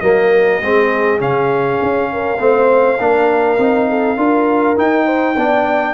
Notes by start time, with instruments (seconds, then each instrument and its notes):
0.00 tuba F#3, trombone A#3, horn A#4, trumpet D#5
0.61 tuba G#3, trombone C4, horn G#4
1.19 tuba C#3, trombone C#4, trumpet F5
1.81 tuba C#4
2.12 horn A#4
2.38 tuba A3, trombone C4, horn C5
2.99 tuba A#3, trombone D4, horn A#4
3.57 tuba C4, trombone D#4
3.89 horn A4
4.17 tuba D4, trombone F4, horn A#4
4.76 trombone D#4, tuba D#4, trumpet G5
5.05 horn C5
5.36 tuba B3, trombone D4, horn D5